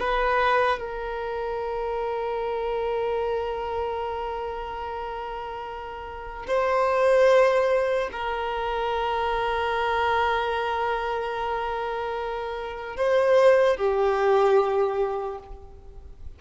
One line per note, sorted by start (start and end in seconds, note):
0.00 0.79 B4
0.79 6.47 A#4
6.48 8.10 C5
8.12 12.97 A#4
12.97 13.77 C5
13.77 15.39 G4